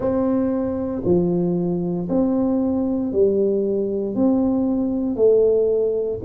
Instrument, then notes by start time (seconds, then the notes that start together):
tuba
0.00 C4
1.04 F3
2.09 C4
3.12 G3
4.15 C4
5.15 A3